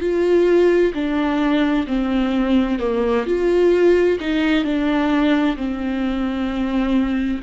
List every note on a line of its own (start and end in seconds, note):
0.00 0.92 F4
0.94 1.86 D4
1.87 2.79 C4
2.79 3.25 A#3
3.26 4.18 F4
4.20 4.64 D#4
4.64 5.56 D4
5.56 7.41 C4